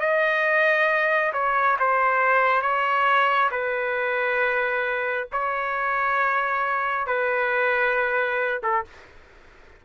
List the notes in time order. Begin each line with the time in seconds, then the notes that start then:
0.00 D#5
1.33 C#5
1.79 C5
2.61 C#5
3.51 B4
5.32 C#5
7.06 B4
8.63 A4